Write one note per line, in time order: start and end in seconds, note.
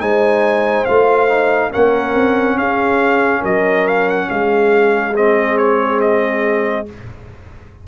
0.00 0.86 G#3
0.00 0.86 D#4
0.00 1.71 C5
0.00 0.85 G#5
0.85 1.74 A3
0.85 1.28 F4
0.85 1.71 F5
1.28 1.71 D#4
1.71 2.15 A#3
1.71 5.14 C#4
1.71 2.57 A#4
1.71 2.58 F#5
2.15 2.57 C4
2.57 3.43 C#4
2.57 3.40 G#4
2.57 3.43 F5
3.40 4.29 F#3
3.40 4.26 A#4
3.40 3.87 D#5
3.87 4.09 F5
4.09 4.30 F#5
4.30 6.87 G#3
4.30 6.87 G#4
4.30 5.15 F5
5.14 6.86 C4
5.14 5.57 D#5
5.57 6.00 C#5
6.01 6.86 D#5